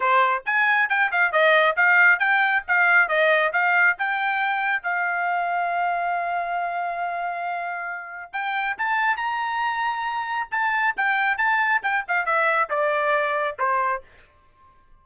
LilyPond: \new Staff \with { instrumentName = "trumpet" } { \time 4/4 \tempo 4 = 137 c''4 gis''4 g''8 f''8 dis''4 | f''4 g''4 f''4 dis''4 | f''4 g''2 f''4~ | f''1~ |
f''2. g''4 | a''4 ais''2. | a''4 g''4 a''4 g''8 f''8 | e''4 d''2 c''4 | }